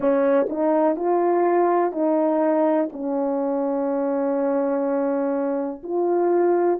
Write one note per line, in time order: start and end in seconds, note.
0.00 0.46 C#4
0.49 0.95 D#4
0.95 1.91 F4
1.91 2.88 D#4
2.92 5.82 C#4
5.83 6.80 F4